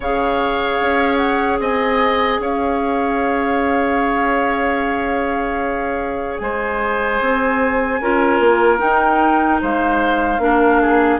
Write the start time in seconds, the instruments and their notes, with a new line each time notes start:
0.00 bassoon C#3, clarinet G#4, oboe C#5, flute F5
0.80 bassoon C#4
1.17 flute F#5
1.59 bassoon C4, oboe D#5, flute G#5
2.39 bassoon C#4, oboe C#5, flute F5
6.37 bassoon G#3, oboe C5, flute G#5
7.20 bassoon C4
8.00 bassoon C#4, clarinet F4, oboe A#4
8.39 bassoon A#3
8.78 clarinet D#4, bassoon D#4, flute G5
9.61 bassoon G#3, oboe C5, flute F5
10.38 bassoon A#3, clarinet D4, oboe A#4
10.81 oboe G#4